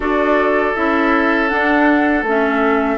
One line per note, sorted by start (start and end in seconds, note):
0.00 0.73 D4
0.00 0.75 F#4
0.00 2.97 A4
0.00 0.75 D5
0.75 1.51 C#4
0.75 1.49 E4
0.75 1.48 E5
1.48 2.24 D4
1.48 2.23 D4
1.48 2.23 F#5
2.23 2.97 A3
2.23 2.97 C#4
2.23 2.97 E5